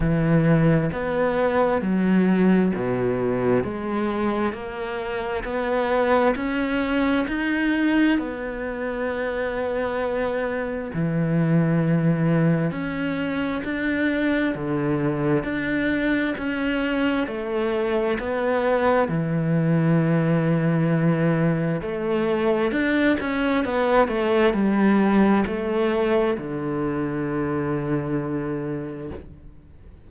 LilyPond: \new Staff \with { instrumentName = "cello" } { \time 4/4 \tempo 4 = 66 e4 b4 fis4 b,4 | gis4 ais4 b4 cis'4 | dis'4 b2. | e2 cis'4 d'4 |
d4 d'4 cis'4 a4 | b4 e2. | a4 d'8 cis'8 b8 a8 g4 | a4 d2. | }